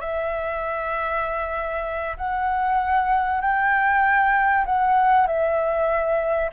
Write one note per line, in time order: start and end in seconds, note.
0.00 2.16 E5
2.17 3.41 F#5
3.41 4.64 G5
4.65 5.26 F#5
5.26 6.50 E5